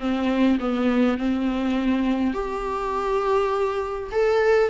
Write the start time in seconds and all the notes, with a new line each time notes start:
0.00 C4
0.60 B3
1.18 C4
2.34 G4
4.12 A4